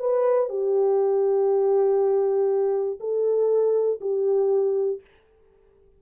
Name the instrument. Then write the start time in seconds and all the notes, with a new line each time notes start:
horn
0.00 B4
0.50 G4
3.00 A4
4.01 G4